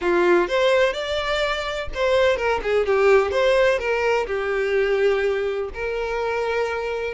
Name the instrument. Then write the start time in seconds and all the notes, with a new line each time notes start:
violin
0.01 F4
0.48 C5
0.93 D5
1.94 C5
2.36 A#4
2.62 G#4
2.85 G4
3.31 C5
3.78 A#4
4.26 G4
5.74 A#4